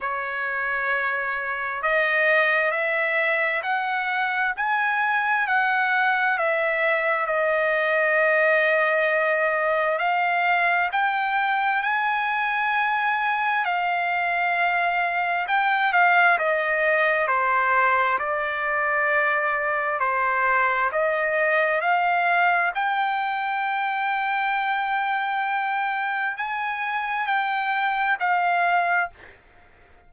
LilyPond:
\new Staff \with { instrumentName = "trumpet" } { \time 4/4 \tempo 4 = 66 cis''2 dis''4 e''4 | fis''4 gis''4 fis''4 e''4 | dis''2. f''4 | g''4 gis''2 f''4~ |
f''4 g''8 f''8 dis''4 c''4 | d''2 c''4 dis''4 | f''4 g''2.~ | g''4 gis''4 g''4 f''4 | }